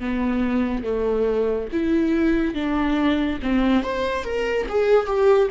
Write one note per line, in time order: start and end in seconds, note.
0.00 0.84 B3
0.84 1.69 A3
1.73 2.55 E4
2.55 3.39 D4
3.43 3.84 C4
3.84 4.24 C5
4.24 4.67 A#4
4.69 5.07 G#4
5.07 5.49 G4